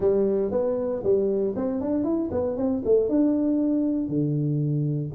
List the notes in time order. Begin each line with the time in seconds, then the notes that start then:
0.00 G3
0.51 B3
1.03 G3
1.55 C4
1.81 D4
2.04 E4
2.31 B3
2.56 C4
2.84 A3
3.08 D4
4.08 D3